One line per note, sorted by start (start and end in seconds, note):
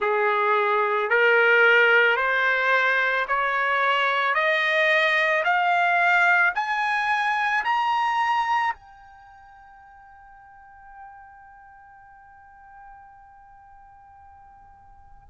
0.00 1.09 G#4
1.09 2.16 A#4
2.16 3.25 C5
3.28 4.34 C#5
4.34 5.43 D#5
5.44 6.53 F5
6.55 7.64 G#5
7.64 8.73 A#5
8.73 15.28 G5